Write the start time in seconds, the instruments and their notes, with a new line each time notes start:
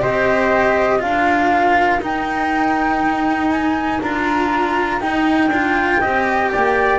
0.00 double bass C4, cello G4, trumpet C5, flute D#5
0.99 double bass D4, cello F4, trumpet A#4, flute F5
1.99 double bass D#4, cello D#4, flute G5
3.50 flute G#5
4.01 double bass D4, cello F4, flute A#5
5.00 cello D#4, double bass D#4, flute G5
5.47 double bass D4, cello F4
6.00 double bass C4, cello G4, trumpet D#5
6.51 double bass A#3, trumpet D5